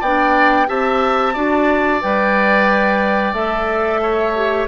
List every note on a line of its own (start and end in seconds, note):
0.00 0.68 B3
0.00 0.67 D4
0.00 0.67 D5
0.00 0.68 G5
0.67 1.35 C4
0.67 1.33 G4
0.67 1.33 E5
0.67 2.01 A5
1.33 2.02 D4
1.33 2.01 F#4
1.33 4.00 D5
2.01 3.32 G3
2.01 3.34 B4
2.01 3.34 G5
3.32 4.66 A3
3.32 4.34 A4
3.32 4.67 E5
4.02 4.68 C#5
4.35 4.68 G4